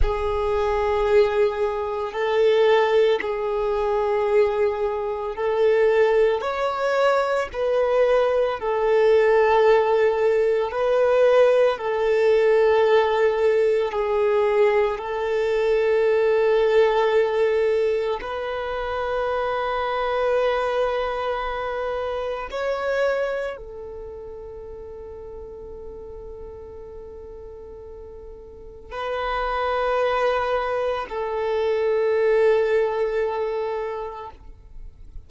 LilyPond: \new Staff \with { instrumentName = "violin" } { \time 4/4 \tempo 4 = 56 gis'2 a'4 gis'4~ | gis'4 a'4 cis''4 b'4 | a'2 b'4 a'4~ | a'4 gis'4 a'2~ |
a'4 b'2.~ | b'4 cis''4 a'2~ | a'2. b'4~ | b'4 a'2. | }